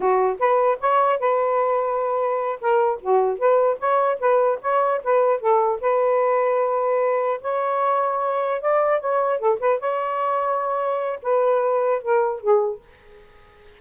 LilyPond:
\new Staff \with { instrumentName = "saxophone" } { \time 4/4 \tempo 4 = 150 fis'4 b'4 cis''4 b'4~ | b'2~ b'8 ais'4 fis'8~ | fis'8 b'4 cis''4 b'4 cis''8~ | cis''8 b'4 a'4 b'4.~ |
b'2~ b'8 cis''4.~ | cis''4. d''4 cis''4 a'8 | b'8 cis''2.~ cis''8 | b'2 ais'4 gis'4 | }